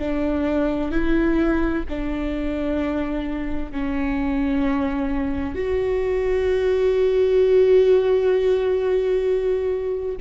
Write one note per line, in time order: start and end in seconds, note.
0.00 0.92 D4
0.92 1.84 E4
1.90 3.72 D4
3.72 5.56 C#4
5.56 10.17 F#4